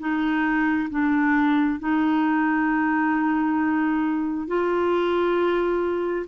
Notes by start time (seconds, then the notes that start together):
0.00 D#4
0.91 D4
1.80 D#4
4.48 F4